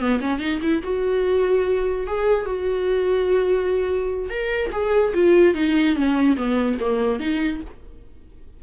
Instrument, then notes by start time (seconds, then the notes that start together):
viola
0.00 B3
0.21 C#4
0.40 D#4
0.62 E4
0.84 F#4
2.07 G#4
2.46 F#4
4.30 A#4
4.73 G#4
5.15 F4
5.55 D#4
5.96 C#4
6.37 B3
6.80 A#3
7.20 D#4